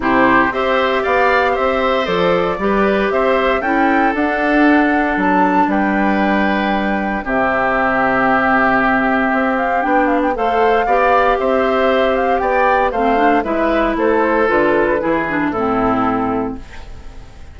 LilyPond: <<
  \new Staff \with { instrumentName = "flute" } { \time 4/4 \tempo 4 = 116 c''4 e''4 f''4 e''4 | d''2 e''4 g''4 | fis''2 a''4 g''4~ | g''2 e''2~ |
e''2~ e''8 f''8 g''8 f''16 g''16 | f''2 e''4. f''8 | g''4 f''4 e''4 c''4 | b'2 a'2 | }
  \new Staff \with { instrumentName = "oboe" } { \time 4/4 g'4 c''4 d''4 c''4~ | c''4 b'4 c''4 a'4~ | a'2. b'4~ | b'2 g'2~ |
g'1 | c''4 d''4 c''2 | d''4 c''4 b'4 a'4~ | a'4 gis'4 e'2 | }
  \new Staff \with { instrumentName = "clarinet" } { \time 4/4 e'4 g'2. | a'4 g'2 e'4 | d'1~ | d'2 c'2~ |
c'2. d'4 | a'4 g'2.~ | g'4 c'8 d'8 e'2 | f'4 e'8 d'8 c'2 | }
  \new Staff \with { instrumentName = "bassoon" } { \time 4/4 c4 c'4 b4 c'4 | f4 g4 c'4 cis'4 | d'2 fis4 g4~ | g2 c2~ |
c2 c'4 b4 | a4 b4 c'2 | b4 a4 gis4 a4 | d4 e4 a,2 | }
>>